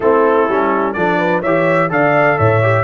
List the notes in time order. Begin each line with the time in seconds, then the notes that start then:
0.00 A3 C4 E4 A4
0.47 G3 C#4
0.93 F3 D4 A4 D5
1.18 B4
1.41 E3 G4 C#5 E5
1.89 D3 A4 D5 F5
2.37 A2 C#5 E5
2.62 G4